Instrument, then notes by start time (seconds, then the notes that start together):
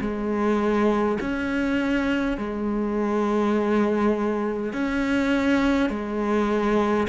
cello
0.00 G#3
1.20 C#4
2.37 G#3
4.73 C#4
5.90 G#3